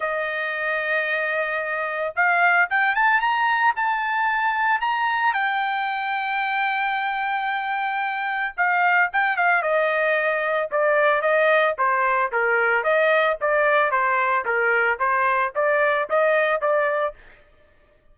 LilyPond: \new Staff \with { instrumentName = "trumpet" } { \time 4/4 \tempo 4 = 112 dis''1 | f''4 g''8 a''8 ais''4 a''4~ | a''4 ais''4 g''2~ | g''1 |
f''4 g''8 f''8 dis''2 | d''4 dis''4 c''4 ais'4 | dis''4 d''4 c''4 ais'4 | c''4 d''4 dis''4 d''4 | }